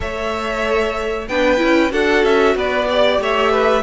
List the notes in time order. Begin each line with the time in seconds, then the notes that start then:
0.00 A3 A4 C#5 E5
1.28 B3 D4 B4 G5
1.57 C#4 E4
1.91 D4 F#4 A4 F#5
2.23 C#4 E5
2.55 B3 B4 D5
2.89 G4 D5
3.19 A3 C#5 E5
3.51 B4